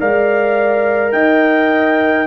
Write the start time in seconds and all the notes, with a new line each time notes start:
0.00 G#3 A#4 D5 F5
1.12 D#4 D#5 G5